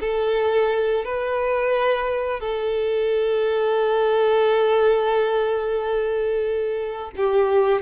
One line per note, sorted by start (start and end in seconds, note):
0.00 1.05 A4
1.05 2.40 B4
2.40 7.11 A4
7.17 7.82 G4